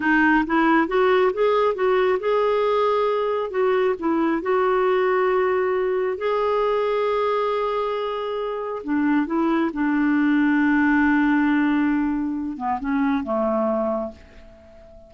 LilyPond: \new Staff \with { instrumentName = "clarinet" } { \time 4/4 \tempo 4 = 136 dis'4 e'4 fis'4 gis'4 | fis'4 gis'2. | fis'4 e'4 fis'2~ | fis'2 gis'2~ |
gis'1 | d'4 e'4 d'2~ | d'1~ | d'8 b8 cis'4 a2 | }